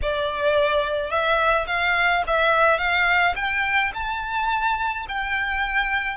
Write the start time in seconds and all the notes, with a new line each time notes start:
0.02 D5
1.10 E5
1.67 F5
2.27 E5
2.78 F5
3.35 G5
3.94 A5
5.08 G5